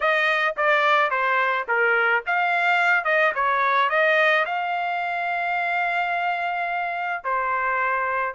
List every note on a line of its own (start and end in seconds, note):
0.00 0.55 D#5
0.57 1.10 D5
1.10 1.65 C5
1.68 2.23 A#4
2.26 3.04 F5
3.04 3.32 D#5
3.35 3.89 C#5
3.89 4.45 D#5
4.45 7.23 F5
7.23 8.34 C5